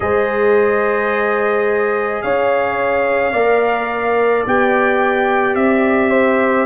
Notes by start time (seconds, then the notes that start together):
0.00 G#3 G#4 C5 D#5
2.22 C#4 C#5 F5
3.32 A#3 A#4 D5
4.46 B3 G4 G5
5.55 C4 E5
6.10 C5